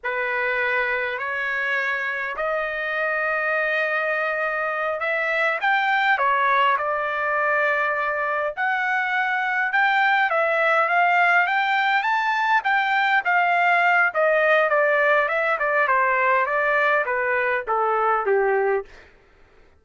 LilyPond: \new Staff \with { instrumentName = "trumpet" } { \time 4/4 \tempo 4 = 102 b'2 cis''2 | dis''1~ | dis''8 e''4 g''4 cis''4 d''8~ | d''2~ d''8 fis''4.~ |
fis''8 g''4 e''4 f''4 g''8~ | g''8 a''4 g''4 f''4. | dis''4 d''4 e''8 d''8 c''4 | d''4 b'4 a'4 g'4 | }